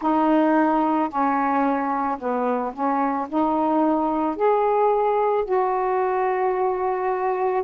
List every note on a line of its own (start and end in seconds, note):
0.01 1.09 D#4
1.09 2.18 C#4
2.18 2.73 B3
2.73 3.27 C#4
3.28 4.36 D#4
4.36 5.44 G#4
5.44 7.63 F#4